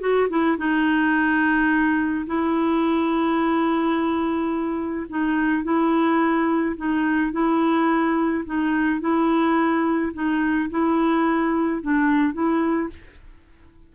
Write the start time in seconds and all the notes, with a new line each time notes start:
0.00 F#4
0.29 E4
0.58 D#4
2.26 E4
5.09 D#4
5.64 E4
6.76 D#4
7.32 E4
8.45 D#4
9.00 E4
10.13 D#4
10.70 E4
11.82 D4
12.33 E4